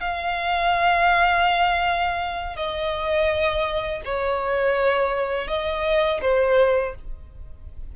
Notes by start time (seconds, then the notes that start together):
0.00 F5
2.56 D#5
4.05 C#5
5.47 D#5
6.22 C5